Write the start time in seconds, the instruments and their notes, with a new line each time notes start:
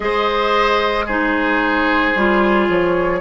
0.00 bassoon G#3, clarinet G#4, oboe C5, flute D#5
1.05 clarinet D#4, oboe G#4, flute C5
2.15 bassoon G3, clarinet F4
2.69 bassoon F3, flute C#5